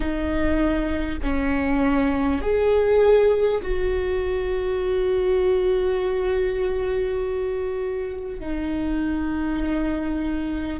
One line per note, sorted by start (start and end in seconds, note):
0.00 1.19 D#4
1.23 2.41 C#4
2.41 3.61 G#4
3.62 8.39 F#4
8.39 10.79 D#4